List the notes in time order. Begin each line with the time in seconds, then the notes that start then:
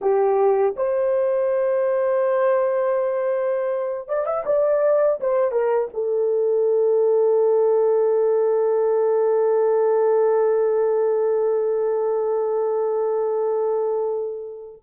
0.01 G4
0.76 C5
4.08 D5
4.26 E5
4.45 D5
5.20 C5
5.51 A#4
5.93 A4